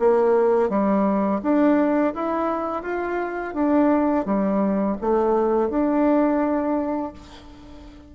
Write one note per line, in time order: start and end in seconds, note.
0.00 0.70 A#3
0.70 1.42 G3
1.43 2.14 D4
2.15 2.83 E4
2.83 3.55 F4
3.55 4.26 D4
4.26 4.97 G3
5.02 5.70 A3
5.70 7.13 D4